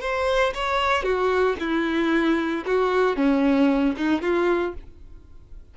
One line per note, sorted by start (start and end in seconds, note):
0.00 0.53 C5
0.54 1.03 C#5
1.03 1.56 F#4
1.59 2.64 E4
2.66 3.16 F#4
3.16 3.95 C#4
3.96 4.21 D#4
4.21 4.74 F4